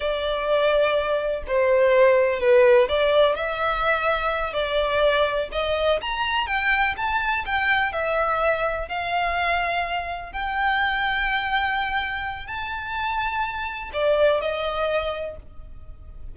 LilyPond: \new Staff \with { instrumentName = "violin" } { \time 4/4 \tempo 4 = 125 d''2. c''4~ | c''4 b'4 d''4 e''4~ | e''4. d''2 dis''8~ | dis''8 ais''4 g''4 a''4 g''8~ |
g''8 e''2 f''4.~ | f''4. g''2~ g''8~ | g''2 a''2~ | a''4 d''4 dis''2 | }